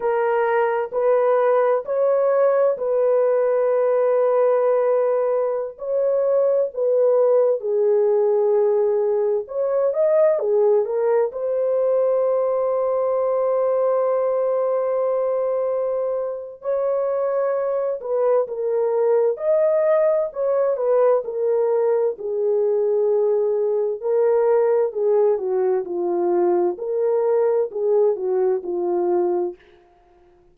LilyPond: \new Staff \with { instrumentName = "horn" } { \time 4/4 \tempo 4 = 65 ais'4 b'4 cis''4 b'4~ | b'2~ b'16 cis''4 b'8.~ | b'16 gis'2 cis''8 dis''8 gis'8 ais'16~ | ais'16 c''2.~ c''8.~ |
c''2 cis''4. b'8 | ais'4 dis''4 cis''8 b'8 ais'4 | gis'2 ais'4 gis'8 fis'8 | f'4 ais'4 gis'8 fis'8 f'4 | }